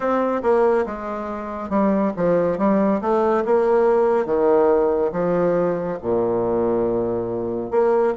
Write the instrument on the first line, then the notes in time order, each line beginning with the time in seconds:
bassoon
0.00 C4
0.42 A#3
0.86 G#3
1.69 G3
2.16 F3
2.58 G3
3.01 A3
3.45 A#3
4.25 D#3
5.12 F3
6.02 A#2
7.70 A#3